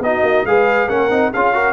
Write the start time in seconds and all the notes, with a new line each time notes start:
0.00 B3 D#4 F#4 D#5
0.23 A#3
0.45 G#3 G#4 B4 F5
0.89 A#3 C#4 A#4 F#5
1.11 C4 D#4
1.34 C#4 F4 G#4 F5
1.54 F#4 A#4